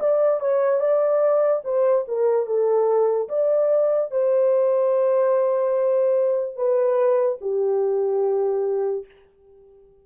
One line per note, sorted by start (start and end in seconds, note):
0.00 0.40 D5
0.40 0.80 C#5
0.80 1.63 D5
1.64 2.05 C5
2.08 2.46 A#4
2.46 3.28 A4
3.29 4.11 D5
4.11 6.56 C5
6.56 7.39 B4
7.41 9.06 G4